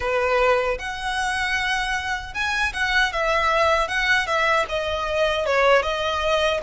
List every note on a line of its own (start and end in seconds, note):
0.00 0.78 B4
0.78 2.34 F#5
2.34 2.73 G#5
2.73 3.12 F#5
3.12 3.87 E5
3.87 4.26 F#5
4.26 4.65 E5
4.68 5.46 D#5
5.46 5.82 C#5
5.82 6.60 D#5